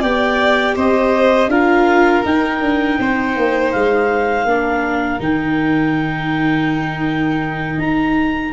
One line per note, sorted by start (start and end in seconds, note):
0.00 0.76 B3
0.00 1.49 G4
0.00 0.74 D5
0.00 0.76 G5
0.75 1.47 C4
0.75 1.49 C5
0.75 1.49 D#5
1.47 2.21 D4
1.47 2.23 F4
1.47 2.98 A#4
1.47 2.23 F5
2.23 4.46 D#4
2.23 2.61 D#4
2.23 3.72 G5
2.61 2.98 D4
2.99 3.36 C4
2.99 4.48 C5
3.36 3.73 A#3
3.72 4.44 G#3
3.72 5.20 F5
4.44 5.18 A#3
4.44 5.19 D4
4.44 8.52 A#4
5.19 7.77 D#3
5.19 8.52 D#4
5.19 7.79 G5
7.77 8.51 D#4
7.77 8.52 A#5